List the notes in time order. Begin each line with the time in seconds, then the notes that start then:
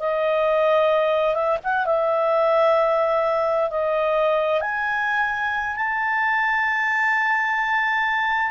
0.00 D#5
1.35 E5
1.64 F#5
1.86 E5
3.71 D#5
4.61 G#5
5.77 A5